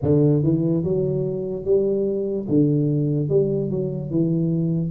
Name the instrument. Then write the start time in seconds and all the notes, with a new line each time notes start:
tuba
0.01 D3
0.43 E3
0.83 F#3
1.64 G3
2.48 D3
3.29 G3
3.70 F#3
4.10 E3